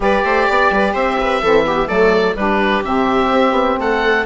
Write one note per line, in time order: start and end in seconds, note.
0.00 0.21 G3
0.00 1.42 G4
0.00 0.25 B4
0.00 0.95 D5
0.24 0.48 A3
0.24 0.47 C5
0.47 0.70 B3
0.47 0.71 D5
0.70 0.94 G3
0.70 0.93 B4
0.93 1.41 C4
0.93 1.17 C5
0.93 1.88 E5
1.20 1.42 B4
1.41 1.88 E3
1.41 1.64 C4
1.41 1.65 A4
1.64 1.87 B3
1.64 1.87 G4
1.87 2.35 F#3
1.87 2.34 A3
1.87 2.35 A4
1.87 2.35 D5
2.35 2.82 G3
2.35 2.83 D4
2.35 3.80 G4
2.35 2.83 B4
2.83 3.30 C3
2.83 4.24 C4
2.83 3.79 E5
3.30 3.51 C4
3.51 3.75 B3
3.79 4.25 A3
3.79 4.25 A4
3.79 4.25 F#5